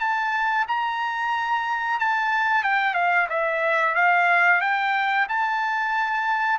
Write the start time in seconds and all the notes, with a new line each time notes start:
0.00 A5
0.68 A#5
2.00 A5
2.64 G5
2.95 F5
3.30 E5
3.95 F5
4.61 G5
5.29 A5